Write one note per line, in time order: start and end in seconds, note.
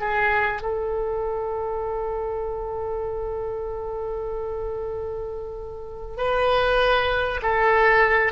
0.00 0.62 G#4
0.62 6.17 A4
6.17 7.41 B4
7.42 8.32 A4